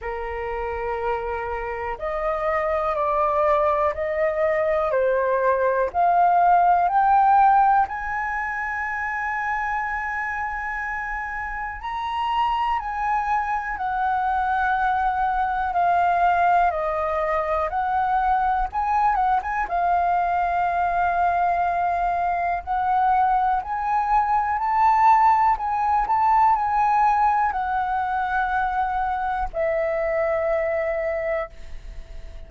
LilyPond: \new Staff \with { instrumentName = "flute" } { \time 4/4 \tempo 4 = 61 ais'2 dis''4 d''4 | dis''4 c''4 f''4 g''4 | gis''1 | ais''4 gis''4 fis''2 |
f''4 dis''4 fis''4 gis''8 fis''16 gis''16 | f''2. fis''4 | gis''4 a''4 gis''8 a''8 gis''4 | fis''2 e''2 | }